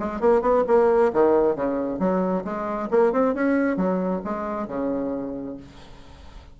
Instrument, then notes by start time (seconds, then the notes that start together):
bassoon
0.00 G#3
0.21 A#3
0.42 B3
0.68 A#3
1.14 D#3
1.56 C#3
1.99 F#3
2.45 G#3
2.91 A#3
3.13 C4
3.35 C#4
3.77 F#3
4.25 G#3
4.68 C#3